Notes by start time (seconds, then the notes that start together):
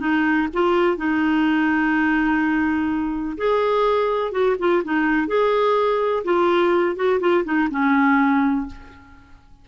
0.00 D#4
0.53 F4
0.97 D#4
3.38 G#4
4.32 F#4
4.59 F4
4.85 D#4
5.28 G#4
6.24 F4
6.96 F#4
7.20 F4
7.45 D#4
7.71 C#4